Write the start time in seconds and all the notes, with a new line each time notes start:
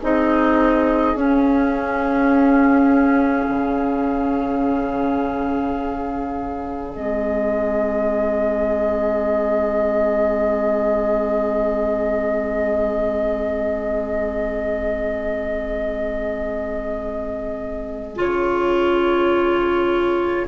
0.00 C4 D#4 G#4 D#5
1.15 C#4 F5
3.49 C#3
6.94 G#3 C4 D#5
18.16 C#3 F4 C#5